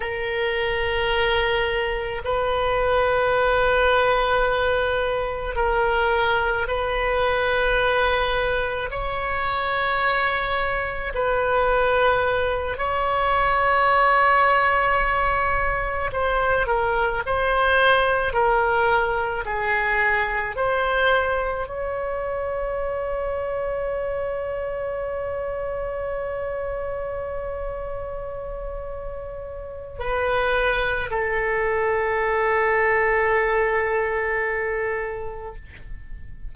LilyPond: \new Staff \with { instrumentName = "oboe" } { \time 4/4 \tempo 4 = 54 ais'2 b'2~ | b'4 ais'4 b'2 | cis''2 b'4. cis''8~ | cis''2~ cis''8 c''8 ais'8 c''8~ |
c''8 ais'4 gis'4 c''4 cis''8~ | cis''1~ | cis''2. b'4 | a'1 | }